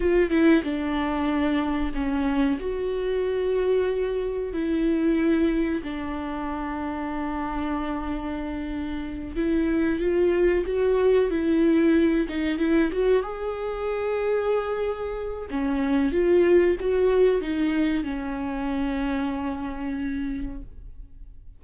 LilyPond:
\new Staff \with { instrumentName = "viola" } { \time 4/4 \tempo 4 = 93 f'8 e'8 d'2 cis'4 | fis'2. e'4~ | e'4 d'2.~ | d'2~ d'8 e'4 f'8~ |
f'8 fis'4 e'4. dis'8 e'8 | fis'8 gis'2.~ gis'8 | cis'4 f'4 fis'4 dis'4 | cis'1 | }